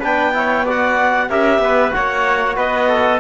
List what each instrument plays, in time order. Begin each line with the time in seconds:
0.00 cello B3, trombone D4, trumpet B4, clarinet G5
0.34 trombone E4, trumpet C#5
0.65 trombone F#4, trumpet D5, clarinet F#5
1.30 cello C#4, trombone G4, trumpet A#4, clarinet E5
1.59 cello B3, trumpet B4
1.91 cello A#3, trombone F#4, trumpet C#5, clarinet F#5
2.57 cello B3, trumpet B4, clarinet D#5
2.89 trumpet A4